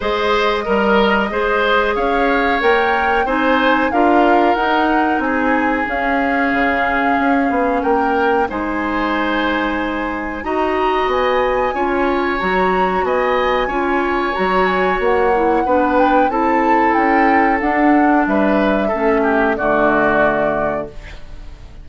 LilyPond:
<<
  \new Staff \with { instrumentName = "flute" } { \time 4/4 \tempo 4 = 92 dis''2. f''4 | g''4 gis''4 f''4 fis''4 | gis''4 f''2. | g''4 gis''2. |
ais''4 gis''2 ais''4 | gis''2 ais''8 gis''8 fis''4~ | fis''8 g''8 a''4 g''4 fis''4 | e''2 d''2 | }
  \new Staff \with { instrumentName = "oboe" } { \time 4/4 c''4 ais'4 c''4 cis''4~ | cis''4 c''4 ais'2 | gis'1 | ais'4 c''2. |
dis''2 cis''2 | dis''4 cis''2. | b'4 a'2. | b'4 a'8 g'8 fis'2 | }
  \new Staff \with { instrumentName = "clarinet" } { \time 4/4 gis'4 ais'4 gis'2 | ais'4 dis'4 f'4 dis'4~ | dis'4 cis'2.~ | cis'4 dis'2. |
fis'2 f'4 fis'4~ | fis'4 f'4 fis'4. e'8 | d'4 e'2 d'4~ | d'4 cis'4 a2 | }
  \new Staff \with { instrumentName = "bassoon" } { \time 4/4 gis4 g4 gis4 cis'4 | ais4 c'4 d'4 dis'4 | c'4 cis'4 cis4 cis'8 b8 | ais4 gis2. |
dis'4 b4 cis'4 fis4 | b4 cis'4 fis4 ais4 | b4 c'4 cis'4 d'4 | g4 a4 d2 | }
>>